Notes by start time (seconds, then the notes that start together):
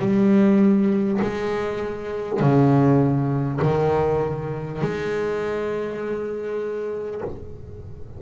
0.00 G3
1.22 G#3
2.40 C#3
3.62 D#3
4.82 G#3